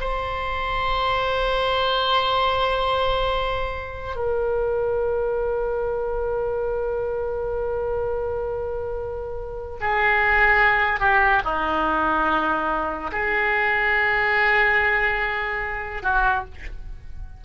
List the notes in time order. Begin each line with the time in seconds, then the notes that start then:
0.00 C5
4.16 A#4
9.80 G#4
11.00 G4
11.44 D#4
13.11 G#4
16.03 F#4